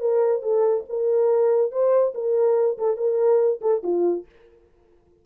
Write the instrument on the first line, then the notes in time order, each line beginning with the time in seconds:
horn
0.00 A#4
0.42 A4
0.89 A#4
1.72 C5
2.14 A#4
2.78 A4
2.97 A#4
3.61 A4
3.83 F4